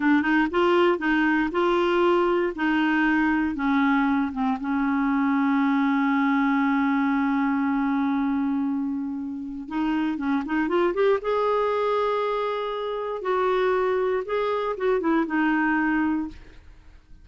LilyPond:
\new Staff \with { instrumentName = "clarinet" } { \time 4/4 \tempo 4 = 118 d'8 dis'8 f'4 dis'4 f'4~ | f'4 dis'2 cis'4~ | cis'8 c'8 cis'2.~ | cis'1~ |
cis'2. dis'4 | cis'8 dis'8 f'8 g'8 gis'2~ | gis'2 fis'2 | gis'4 fis'8 e'8 dis'2 | }